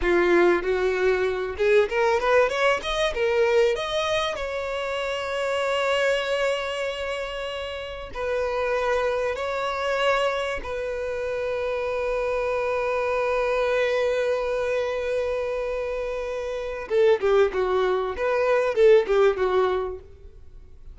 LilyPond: \new Staff \with { instrumentName = "violin" } { \time 4/4 \tempo 4 = 96 f'4 fis'4. gis'8 ais'8 b'8 | cis''8 dis''8 ais'4 dis''4 cis''4~ | cis''1~ | cis''4 b'2 cis''4~ |
cis''4 b'2.~ | b'1~ | b'2. a'8 g'8 | fis'4 b'4 a'8 g'8 fis'4 | }